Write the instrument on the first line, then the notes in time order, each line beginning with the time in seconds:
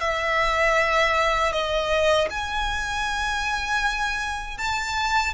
violin
0.00 E5
1.52 D#5
2.30 G#5
4.57 A5